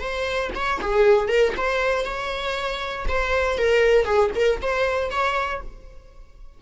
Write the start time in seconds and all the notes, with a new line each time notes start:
0.00 C5
0.55 C#5
0.82 G#4
1.29 A#4
1.57 C5
2.05 C#5
3.08 C5
3.58 A#4
4.05 G#4
4.36 A#4
4.62 C5
5.11 C#5